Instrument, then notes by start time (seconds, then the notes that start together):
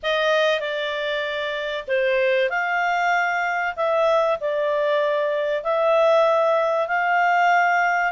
clarinet
0.02 D#5
0.59 D5
1.88 C5
2.49 F5
3.76 E5
4.40 D5
5.63 E5
6.88 F5